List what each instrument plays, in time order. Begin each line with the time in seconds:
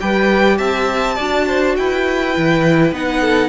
0.00 cello G3, viola G4, violin B4 G5
0.57 cello C4, violin E5 A5
1.15 cello D4, viola F#4, violin D5
1.47 violin C5
1.76 cello E4, violin B4 G5
2.34 cello E3, viola E4
2.91 cello B3, viola D#4, violin F#5
3.21 violin A4